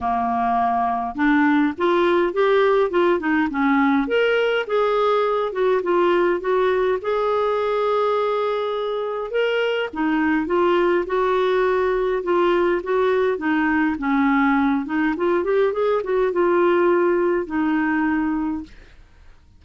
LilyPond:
\new Staff \with { instrumentName = "clarinet" } { \time 4/4 \tempo 4 = 103 ais2 d'4 f'4 | g'4 f'8 dis'8 cis'4 ais'4 | gis'4. fis'8 f'4 fis'4 | gis'1 |
ais'4 dis'4 f'4 fis'4~ | fis'4 f'4 fis'4 dis'4 | cis'4. dis'8 f'8 g'8 gis'8 fis'8 | f'2 dis'2 | }